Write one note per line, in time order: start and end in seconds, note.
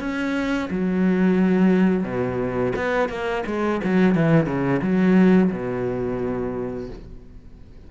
0.00 0.69 C#4
0.70 2.04 F#3
2.04 2.73 B2
2.76 3.09 B3
3.09 3.43 A#3
3.46 3.81 G#3
3.84 4.15 F#3
4.15 4.46 E3
4.46 4.81 C#3
4.82 5.51 F#3
5.52 6.90 B2